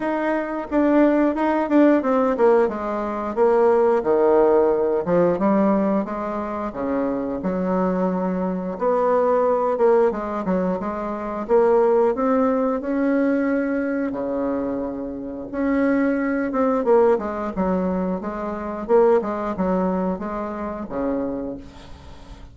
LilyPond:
\new Staff \with { instrumentName = "bassoon" } { \time 4/4 \tempo 4 = 89 dis'4 d'4 dis'8 d'8 c'8 ais8 | gis4 ais4 dis4. f8 | g4 gis4 cis4 fis4~ | fis4 b4. ais8 gis8 fis8 |
gis4 ais4 c'4 cis'4~ | cis'4 cis2 cis'4~ | cis'8 c'8 ais8 gis8 fis4 gis4 | ais8 gis8 fis4 gis4 cis4 | }